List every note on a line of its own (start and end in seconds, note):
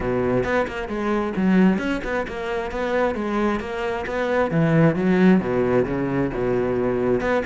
0.00 0.44 B2
0.44 0.66 B3
0.67 0.88 A#3
0.88 1.33 G#3
1.36 1.78 F#3
1.78 2.01 C#4
2.03 2.26 B3
2.27 2.71 A#3
2.71 3.15 B3
3.15 3.60 G#3
3.60 4.05 A#3
4.06 4.50 B3
4.50 4.95 E3
4.95 5.40 F#3
5.40 5.85 B2
5.85 6.31 C#3
6.33 7.20 B2
7.20 7.43 B3